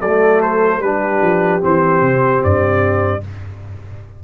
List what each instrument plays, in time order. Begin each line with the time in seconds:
0.00 tuba F#3, horn A4, trumpet D5
0.06 trombone A3
0.42 trumpet C5
0.80 tuba G3, trombone D4, horn G4, trumpet B4
1.22 tuba F3
1.61 tuba E3, trombone C4, trumpet C5
2.01 tuba C3
2.44 tuba G2, trumpet D5